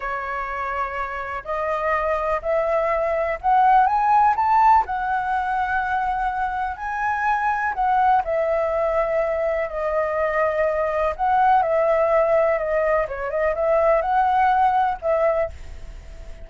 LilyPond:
\new Staff \with { instrumentName = "flute" } { \time 4/4 \tempo 4 = 124 cis''2. dis''4~ | dis''4 e''2 fis''4 | gis''4 a''4 fis''2~ | fis''2 gis''2 |
fis''4 e''2. | dis''2. fis''4 | e''2 dis''4 cis''8 dis''8 | e''4 fis''2 e''4 | }